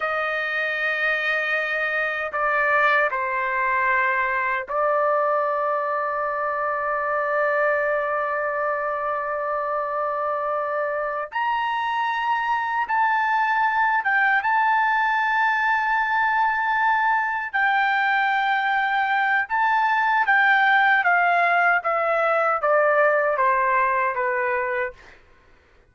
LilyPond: \new Staff \with { instrumentName = "trumpet" } { \time 4/4 \tempo 4 = 77 dis''2. d''4 | c''2 d''2~ | d''1~ | d''2~ d''8 ais''4.~ |
ais''8 a''4. g''8 a''4.~ | a''2~ a''8 g''4.~ | g''4 a''4 g''4 f''4 | e''4 d''4 c''4 b'4 | }